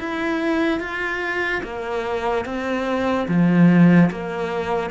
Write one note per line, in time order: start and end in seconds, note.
0.00 0.80 E4
0.80 1.63 F4
1.63 2.45 A#3
2.45 3.28 C4
3.28 4.11 F3
4.11 4.91 A#3